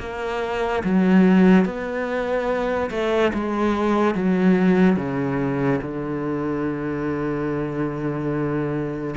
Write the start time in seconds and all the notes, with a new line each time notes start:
0.00 A#3
0.84 F#3
1.66 B3
2.91 A3
3.34 G#3
4.16 F#3
4.97 C#3
5.82 D3